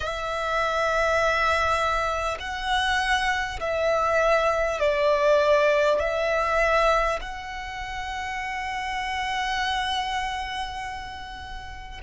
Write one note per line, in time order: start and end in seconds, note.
0.00 2.37 E5
2.39 3.59 F#5
3.59 4.79 E5
4.80 5.99 D5
5.99 7.19 E5
7.21 12.01 F#5